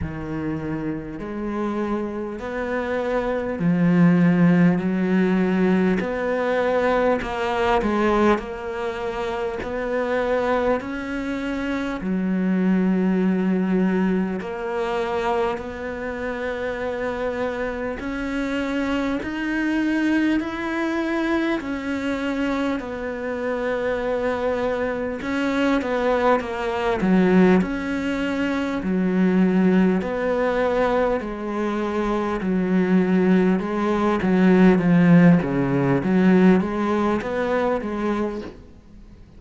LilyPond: \new Staff \with { instrumentName = "cello" } { \time 4/4 \tempo 4 = 50 dis4 gis4 b4 f4 | fis4 b4 ais8 gis8 ais4 | b4 cis'4 fis2 | ais4 b2 cis'4 |
dis'4 e'4 cis'4 b4~ | b4 cis'8 b8 ais8 fis8 cis'4 | fis4 b4 gis4 fis4 | gis8 fis8 f8 cis8 fis8 gis8 b8 gis8 | }